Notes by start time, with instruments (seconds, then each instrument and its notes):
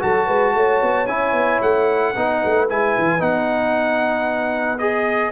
0.00 tuba F#3, trombone F#4, horn A4, trumpet A5
0.26 tuba G#3, horn B4
0.55 tuba A3, horn C#5
0.82 tuba B3
1.07 tuba C#4, trombone E4, trumpet G#5
1.33 tuba B3
1.62 tuba A3, trumpet F#5
2.15 tuba B3, trombone D#4, horn B4
2.45 tuba A3
2.69 tuba G#3, trombone E4, trumpet G#5
2.99 tuba E3
3.19 tuba B3, trombone D#4, trumpet F#5
4.79 trombone G#4, trumpet D#5